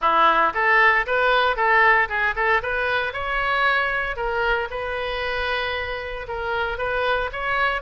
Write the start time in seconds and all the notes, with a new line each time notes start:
0.01 E4
0.54 A4
1.06 B4
1.56 A4
2.08 G#4
2.35 A4
2.62 B4
3.13 C#5
4.16 A#4
4.70 B4
6.28 A#4
6.78 B4
7.32 C#5